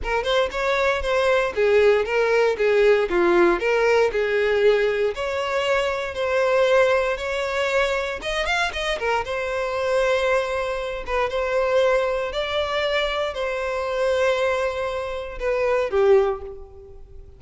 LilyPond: \new Staff \with { instrumentName = "violin" } { \time 4/4 \tempo 4 = 117 ais'8 c''8 cis''4 c''4 gis'4 | ais'4 gis'4 f'4 ais'4 | gis'2 cis''2 | c''2 cis''2 |
dis''8 f''8 dis''8 ais'8 c''2~ | c''4. b'8 c''2 | d''2 c''2~ | c''2 b'4 g'4 | }